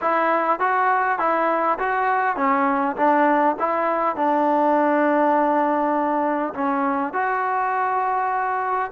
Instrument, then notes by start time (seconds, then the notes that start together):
trombone
0.01 E4
0.59 F#4
1.19 E4
1.78 F#4
2.36 C#4
2.96 D4
3.59 E4
4.16 D4
6.53 C#4
7.13 F#4